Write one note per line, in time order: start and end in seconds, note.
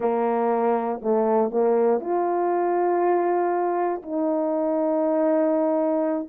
0.00 1.00 A#3
1.02 1.51 A3
1.51 2.00 A#3
2.00 4.02 F4
4.02 6.28 D#4